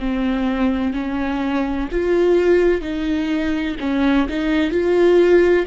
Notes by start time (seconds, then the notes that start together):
0.00 C4
0.94 C#4
1.91 F4
2.81 D#4
3.80 C#4
4.29 D#4
4.71 F4